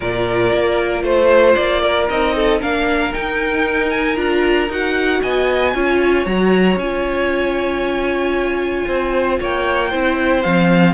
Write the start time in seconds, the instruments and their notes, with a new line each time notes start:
0.00 cello A#2, viola F4, violin A#4 D5
0.53 cello A#3
1.03 cello A3, violin C5
1.55 cello A#3, violin D5
1.82 violin A#4
2.09 cello C4, viola D#4, violin D#5
2.35 violin A4
2.60 cello A#3, viola D4, violin A#4 F5
3.12 viola D#4, cello D#4, violin G5
3.90 violin G#5
4.15 cello D4, viola F4, violin A#5
4.68 cello D#4, viola F#4, violin F#5
5.21 cello B3, violin D#5 G#5
5.74 cello C#4, viola F4, violin C#5
6.25 cello F#3, viola F#4, violin A#5
6.76 cello C#4, viola F4, violin G#5
8.87 cello C4, violin C5
9.40 cello A#3, violin C#5 G5
9.89 cello C4, viola E4, violin C5
10.42 cello F3, viola C4, violin F5